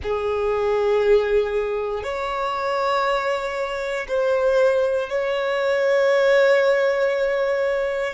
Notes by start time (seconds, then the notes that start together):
0.02 G#4
2.03 C#5
4.07 C5
5.09 C#5